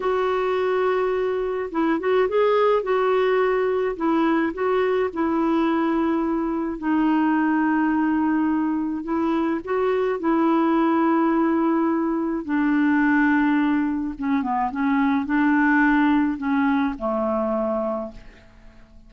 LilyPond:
\new Staff \with { instrumentName = "clarinet" } { \time 4/4 \tempo 4 = 106 fis'2. e'8 fis'8 | gis'4 fis'2 e'4 | fis'4 e'2. | dis'1 |
e'4 fis'4 e'2~ | e'2 d'2~ | d'4 cis'8 b8 cis'4 d'4~ | d'4 cis'4 a2 | }